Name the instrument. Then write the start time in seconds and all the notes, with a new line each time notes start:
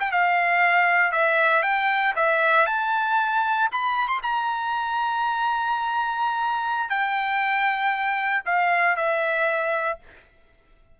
trumpet
0.00 G5
0.12 F5
1.12 E5
1.63 G5
2.16 E5
2.66 A5
3.72 B5
4.08 C6
4.23 A#5
6.90 G5
8.45 F5
8.97 E5